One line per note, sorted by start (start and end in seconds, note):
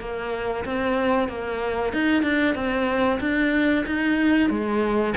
0.00 0.65 A#3
0.65 1.28 C4
1.28 1.93 A#3
1.93 2.23 D#4
2.23 2.55 D4
2.55 3.19 C4
3.20 3.85 D4
3.86 4.50 D#4
4.50 5.14 G#3